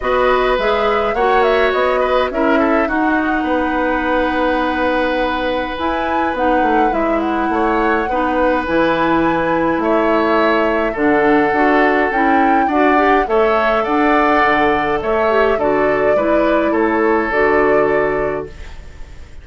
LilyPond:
<<
  \new Staff \with { instrumentName = "flute" } { \time 4/4 \tempo 4 = 104 dis''4 e''4 fis''8 e''8 dis''4 | e''4 fis''2.~ | fis''2 gis''4 fis''4 | e''8 fis''2~ fis''8 gis''4~ |
gis''4 e''2 fis''4~ | fis''4 g''4 fis''4 e''4 | fis''2 e''4 d''4~ | d''4 cis''4 d''2 | }
  \new Staff \with { instrumentName = "oboe" } { \time 4/4 b'2 cis''4. b'8 | ais'8 a'8 fis'4 b'2~ | b'1~ | b'4 cis''4 b'2~ |
b'4 cis''2 a'4~ | a'2 d''4 cis''4 | d''2 cis''4 a'4 | b'4 a'2. | }
  \new Staff \with { instrumentName = "clarinet" } { \time 4/4 fis'4 gis'4 fis'2 | e'4 dis'2.~ | dis'2 e'4 dis'4 | e'2 dis'4 e'4~ |
e'2. d'4 | fis'4 e'4 fis'8 g'8 a'4~ | a'2~ a'8 g'8 fis'4 | e'2 fis'2 | }
  \new Staff \with { instrumentName = "bassoon" } { \time 4/4 b4 gis4 ais4 b4 | cis'4 dis'4 b2~ | b2 e'4 b8 a8 | gis4 a4 b4 e4~ |
e4 a2 d4 | d'4 cis'4 d'4 a4 | d'4 d4 a4 d4 | gis4 a4 d2 | }
>>